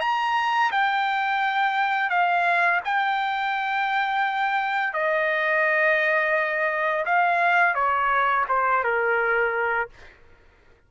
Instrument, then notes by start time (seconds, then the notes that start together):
trumpet
0.00 A#5
0.71 G5
2.10 F5
2.84 G5
4.93 D#5
7.05 F5
7.74 C#5
8.48 C5
8.83 A#4